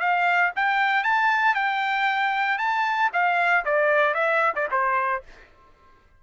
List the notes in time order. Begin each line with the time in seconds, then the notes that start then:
0.00 F5
0.56 G5
1.03 A5
1.55 G5
2.58 A5
3.13 F5
3.65 D5
4.14 E5
4.55 D5
4.71 C5